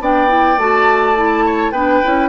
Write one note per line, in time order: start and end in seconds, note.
0.00 0.57 B3
0.00 0.28 D4
0.00 1.46 D5
0.00 0.59 G5
0.28 0.57 E4
0.57 1.72 A3
0.57 1.16 F#4
0.57 1.72 A5
1.16 1.73 E4
1.46 1.72 C#5
1.72 2.01 B3
1.72 2.03 D4
1.72 2.29 B4
1.72 2.29 G5
2.04 2.29 C#4
2.04 2.29 E4